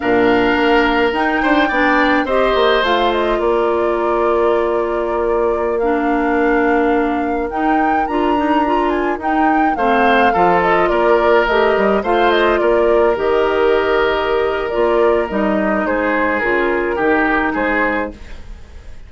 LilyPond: <<
  \new Staff \with { instrumentName = "flute" } { \time 4/4 \tempo 4 = 106 f''2 g''2 | dis''4 f''8 dis''8 d''2~ | d''2~ d''16 f''4.~ f''16~ | f''4~ f''16 g''4 ais''4. gis''16~ |
gis''16 g''4 f''4. dis''8 d''8.~ | d''16 dis''4 f''8 dis''8 d''4 dis''8.~ | dis''2 d''4 dis''4 | c''4 ais'2 c''4 | }
  \new Staff \with { instrumentName = "oboe" } { \time 4/4 ais'2~ ais'8 c''8 d''4 | c''2 ais'2~ | ais'1~ | ais'1~ |
ais'4~ ais'16 c''4 a'4 ais'8.~ | ais'4~ ais'16 c''4 ais'4.~ ais'16~ | ais'1 | gis'2 g'4 gis'4 | }
  \new Staff \with { instrumentName = "clarinet" } { \time 4/4 d'2 dis'4 d'4 | g'4 f'2.~ | f'2~ f'16 d'4.~ d'16~ | d'4~ d'16 dis'4 f'8 dis'8 f'8.~ |
f'16 dis'4 c'4 f'4.~ f'16~ | f'16 g'4 f'2 g'8.~ | g'2 f'4 dis'4~ | dis'4 f'4 dis'2 | }
  \new Staff \with { instrumentName = "bassoon" } { \time 4/4 ais,4 ais4 dis'8 d'8 b4 | c'8 ais8 a4 ais2~ | ais1~ | ais4~ ais16 dis'4 d'4.~ d'16~ |
d'16 dis'4 a4 f4 ais8.~ | ais16 a8 g8 a4 ais4 dis8.~ | dis2 ais4 g4 | gis4 cis4 dis4 gis4 | }
>>